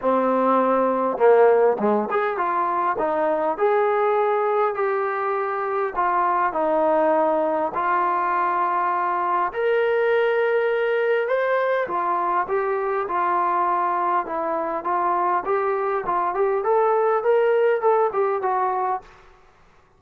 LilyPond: \new Staff \with { instrumentName = "trombone" } { \time 4/4 \tempo 4 = 101 c'2 ais4 gis8 gis'8 | f'4 dis'4 gis'2 | g'2 f'4 dis'4~ | dis'4 f'2. |
ais'2. c''4 | f'4 g'4 f'2 | e'4 f'4 g'4 f'8 g'8 | a'4 ais'4 a'8 g'8 fis'4 | }